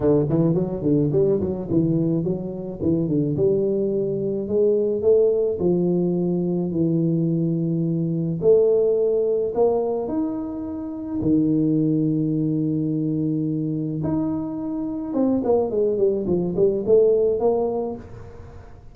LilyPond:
\new Staff \with { instrumentName = "tuba" } { \time 4/4 \tempo 4 = 107 d8 e8 fis8 d8 g8 fis8 e4 | fis4 e8 d8 g2 | gis4 a4 f2 | e2. a4~ |
a4 ais4 dis'2 | dis1~ | dis4 dis'2 c'8 ais8 | gis8 g8 f8 g8 a4 ais4 | }